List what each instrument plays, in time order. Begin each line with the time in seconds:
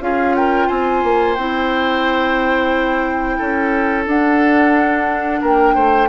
0.00 bassoon C#4, clarinet F4, oboe G#4, flute F5
0.35 oboe A#4, flute G5
0.67 bassoon C4, oboe C5, flute G#5
1.03 bassoon A#3
1.34 bassoon C4, clarinet E4, flute G5
3.38 bassoon C#4, oboe A4
4.06 bassoon D4, clarinet D4, flute F#5
5.41 bassoon A#3, oboe A#4, flute G5
5.74 bassoon A3, oboe C5